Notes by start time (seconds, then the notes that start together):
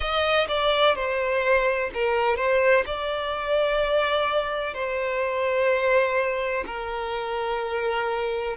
0.00 D#5
0.48 D5
0.95 C5
1.94 A#4
2.36 C5
2.86 D5
4.74 C5
6.66 A#4